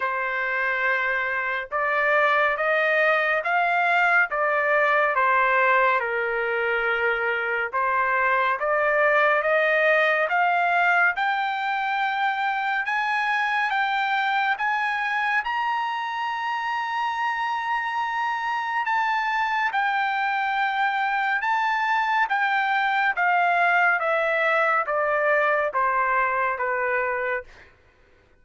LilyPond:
\new Staff \with { instrumentName = "trumpet" } { \time 4/4 \tempo 4 = 70 c''2 d''4 dis''4 | f''4 d''4 c''4 ais'4~ | ais'4 c''4 d''4 dis''4 | f''4 g''2 gis''4 |
g''4 gis''4 ais''2~ | ais''2 a''4 g''4~ | g''4 a''4 g''4 f''4 | e''4 d''4 c''4 b'4 | }